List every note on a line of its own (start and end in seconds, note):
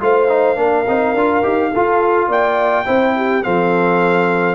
0.00 0.56 A3
0.00 0.28 F4
0.00 0.59 C5
0.00 2.31 F5
0.28 0.56 D#4
0.56 0.85 A#3
0.56 0.85 D4
0.56 1.71 A#4
0.87 1.14 C4
0.87 1.16 D#4
1.14 1.42 D4
1.14 1.42 F4
1.42 1.72 D#4
1.42 1.71 G4
1.71 2.28 F4
1.71 2.85 F4
1.71 2.28 A4
2.28 2.85 A#3
2.28 2.85 D5
2.28 3.43 G5
2.85 3.45 C4
2.85 3.42 E4
2.85 3.14 C5
3.16 3.45 G4
3.43 4.55 F3
3.43 4.55 C4
3.43 4.55 A4
3.43 4.55 F5